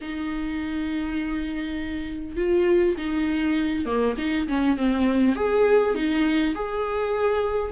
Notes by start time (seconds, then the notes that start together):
0.01 D#4
2.36 F4
2.97 D#4
3.85 A#3
4.17 D#4
4.48 C#4
4.77 C4
5.35 G#4
5.95 D#4
6.54 G#4